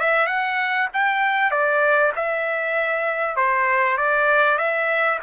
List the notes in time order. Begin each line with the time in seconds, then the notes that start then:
0.00 E5
0.27 F#5
0.94 G5
1.51 D5
2.16 E5
3.36 C5
3.98 D5
4.58 E5